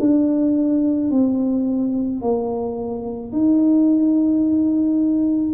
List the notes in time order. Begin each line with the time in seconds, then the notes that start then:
0.00 D4
1.11 C4
2.21 A#3
3.32 D#4